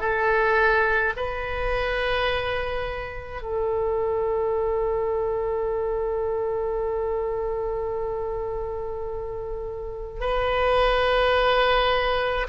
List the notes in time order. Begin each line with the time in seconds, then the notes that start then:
0.00 A4
1.16 B4
3.42 A4
10.20 B4